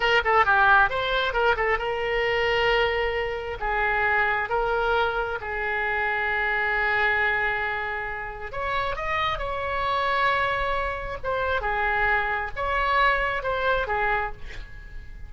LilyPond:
\new Staff \with { instrumentName = "oboe" } { \time 4/4 \tempo 4 = 134 ais'8 a'8 g'4 c''4 ais'8 a'8 | ais'1 | gis'2 ais'2 | gis'1~ |
gis'2. cis''4 | dis''4 cis''2.~ | cis''4 c''4 gis'2 | cis''2 c''4 gis'4 | }